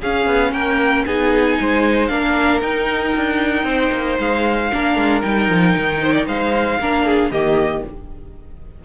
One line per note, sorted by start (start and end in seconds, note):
0.00 0.27 C#4
0.00 1.07 C#4
0.00 0.52 G#4
0.00 0.53 F5
0.27 0.53 B3
0.53 1.05 A#3
0.53 1.06 A#4
0.53 1.05 G5
1.06 1.58 B3
1.06 2.10 D#4
1.06 1.59 G#4
1.06 2.08 G#5
1.60 2.09 G#3
1.60 2.12 C5
2.08 2.61 A#3
2.08 2.62 D4
2.08 3.68 A#4
2.08 2.60 F5
2.61 3.14 D#4
2.61 4.71 D#4
2.61 4.18 G5
3.16 3.64 D4
3.64 3.90 C4
3.64 4.72 C5
3.92 4.18 A#3
4.19 4.72 G#3
4.19 5.22 F5
4.73 4.97 A#3
4.73 5.23 D4
4.73 6.02 A#4
4.97 5.23 G#3
5.22 5.49 G3
5.22 6.80 D#4
5.22 6.26 G5
5.49 5.75 F3
5.77 6.28 D#3
6.02 6.13 C5
6.13 6.26 D5
6.27 6.79 G#3
6.27 6.79 C5
6.27 7.31 F5
6.79 7.31 A#3
6.79 7.33 D4
6.79 7.06 A#4
7.06 7.32 G#4
7.31 7.83 D#3
7.31 7.85 A#3
7.31 7.84 G4
7.31 7.84 D#5